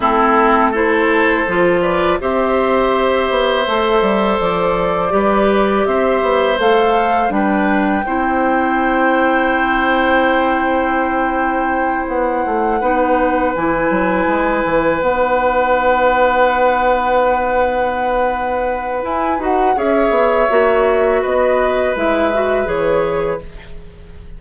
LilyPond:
<<
  \new Staff \with { instrumentName = "flute" } { \time 4/4 \tempo 4 = 82 a'4 c''4. d''8 e''4~ | e''2 d''2 | e''4 f''4 g''2~ | g''1~ |
g''8 fis''2 gis''4.~ | gis''8 fis''2.~ fis''8~ | fis''2 gis''8 fis''8 e''4~ | e''4 dis''4 e''4 cis''4 | }
  \new Staff \with { instrumentName = "oboe" } { \time 4/4 e'4 a'4. b'8 c''4~ | c''2. b'4 | c''2 b'4 c''4~ | c''1~ |
c''4. b'2~ b'8~ | b'1~ | b'2. cis''4~ | cis''4 b'2. | }
  \new Staff \with { instrumentName = "clarinet" } { \time 4/4 c'4 e'4 f'4 g'4~ | g'4 a'2 g'4~ | g'4 a'4 d'4 e'4~ | e'1~ |
e'4. dis'4 e'4.~ | e'8 dis'2.~ dis'8~ | dis'2 e'8 fis'8 gis'4 | fis'2 e'8 fis'8 gis'4 | }
  \new Staff \with { instrumentName = "bassoon" } { \time 4/4 a2 f4 c'4~ | c'8 b8 a8 g8 f4 g4 | c'8 b8 a4 g4 c'4~ | c'1~ |
c'8 b8 a8 b4 e8 fis8 gis8 | e8 b2.~ b8~ | b2 e'8 dis'8 cis'8 b8 | ais4 b4 gis4 e4 | }
>>